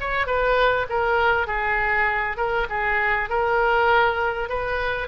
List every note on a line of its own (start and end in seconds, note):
0.00 0.26 C#5
0.26 0.86 B4
0.89 1.47 A#4
1.47 2.37 G#4
2.37 2.67 A#4
2.69 3.29 G#4
3.29 4.49 A#4
4.49 5.07 B4